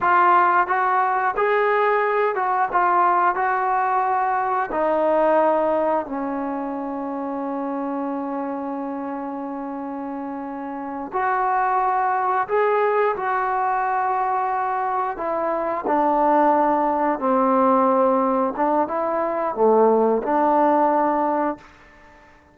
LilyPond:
\new Staff \with { instrumentName = "trombone" } { \time 4/4 \tempo 4 = 89 f'4 fis'4 gis'4. fis'8 | f'4 fis'2 dis'4~ | dis'4 cis'2.~ | cis'1~ |
cis'8 fis'2 gis'4 fis'8~ | fis'2~ fis'8 e'4 d'8~ | d'4. c'2 d'8 | e'4 a4 d'2 | }